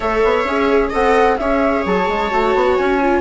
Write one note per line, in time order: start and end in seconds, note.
0.00 0.22 A3
0.00 0.46 A4
0.00 0.89 C#5
0.00 0.90 E5
0.24 0.44 B3
0.44 0.90 C#4
0.44 0.92 G#4
0.89 1.39 C4
0.89 1.39 A4
0.89 1.35 D#5
0.89 1.37 F#5
1.37 1.85 C#4
1.37 2.31 G#4
1.37 3.21 C#5
1.37 1.83 E5
1.85 2.08 F#3
1.85 2.76 A5
2.08 2.31 G#3
2.31 2.54 A3
2.31 3.00 F#4
2.54 2.77 B3
2.76 3.21 C#4
2.76 3.21 G#5
3.01 3.21 F4